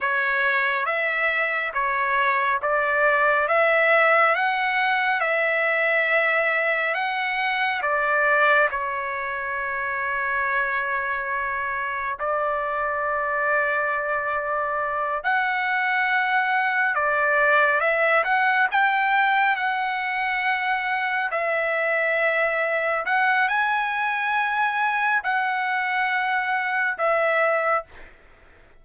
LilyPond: \new Staff \with { instrumentName = "trumpet" } { \time 4/4 \tempo 4 = 69 cis''4 e''4 cis''4 d''4 | e''4 fis''4 e''2 | fis''4 d''4 cis''2~ | cis''2 d''2~ |
d''4. fis''2 d''8~ | d''8 e''8 fis''8 g''4 fis''4.~ | fis''8 e''2 fis''8 gis''4~ | gis''4 fis''2 e''4 | }